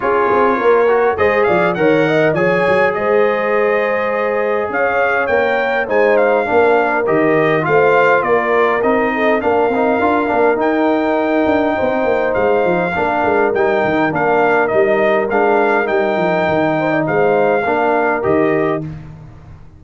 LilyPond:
<<
  \new Staff \with { instrumentName = "trumpet" } { \time 4/4 \tempo 4 = 102 cis''2 dis''8 f''8 fis''4 | gis''4 dis''2. | f''4 g''4 gis''8 f''4. | dis''4 f''4 d''4 dis''4 |
f''2 g''2~ | g''4 f''2 g''4 | f''4 dis''4 f''4 g''4~ | g''4 f''2 dis''4 | }
  \new Staff \with { instrumentName = "horn" } { \time 4/4 gis'4 ais'4 c''8 d''8 cis''8 dis''8 | cis''4 c''2. | cis''2 c''4 ais'4~ | ais'4 c''4 ais'4. a'8 |
ais'1 | c''2 ais'2~ | ais'1~ | ais'8 c''16 d''16 c''4 ais'2 | }
  \new Staff \with { instrumentName = "trombone" } { \time 4/4 f'4. fis'8 gis'4 ais'4 | gis'1~ | gis'4 ais'4 dis'4 d'4 | g'4 f'2 dis'4 |
d'8 dis'8 f'8 d'8 dis'2~ | dis'2 d'4 dis'4 | d'4 dis'4 d'4 dis'4~ | dis'2 d'4 g'4 | }
  \new Staff \with { instrumentName = "tuba" } { \time 4/4 cis'8 c'8 ais4 gis8 f8 dis4 | f8 fis8 gis2. | cis'4 ais4 gis4 ais4 | dis4 a4 ais4 c'4 |
ais8 c'8 d'8 ais8 dis'4. d'8 | c'8 ais8 gis8 f8 ais8 gis8 g8 dis8 | ais4 g4 gis4 g8 f8 | dis4 gis4 ais4 dis4 | }
>>